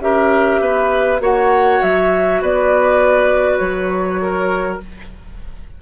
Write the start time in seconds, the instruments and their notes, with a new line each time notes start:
0.00 bassoon C#4, clarinet G4, oboe A#4, flute E5
0.60 bassoon B3, oboe B4
1.20 bassoon A#3, clarinet F#4, oboe C#5, flute F#5
1.82 bassoon F#3, flute E5
2.42 bassoon B3, oboe B4, flute D5
3.58 bassoon F#3, flute C#5
4.22 oboe A#4